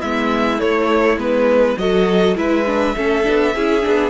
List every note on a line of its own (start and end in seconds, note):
0.00 0.62 G#3
0.00 0.58 B3
0.00 1.76 E4
0.00 0.60 E5
0.58 1.17 A3
0.58 1.18 C#5
1.17 1.75 G#3
1.17 1.77 B3
1.17 1.78 B4
1.77 2.36 F#3
1.77 2.35 F#4
1.77 2.37 A4
1.77 2.37 D#5
2.35 2.95 G#3
2.35 2.65 E4
2.35 2.95 B4
2.35 4.10 E5
2.66 2.95 D4
2.96 3.26 A3
2.96 3.23 C#4
2.96 3.55 A4
3.23 3.55 B3
3.23 3.53 D4
3.55 3.85 C#4
3.55 3.82 E4
3.55 4.10 G#4
3.82 4.10 B3
3.82 4.10 D4